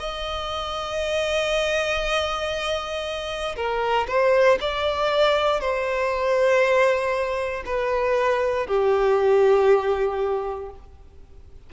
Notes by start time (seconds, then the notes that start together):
0.00 D#5
3.56 A#4
4.08 C5
4.61 D5
5.61 C5
7.66 B4
8.67 G4